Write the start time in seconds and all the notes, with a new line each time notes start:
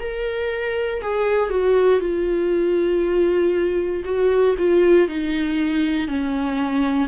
0.00 A#4
1.02 G#4
1.50 F#4
2.00 F4
4.05 F#4
4.59 F4
5.08 D#4
6.08 C#4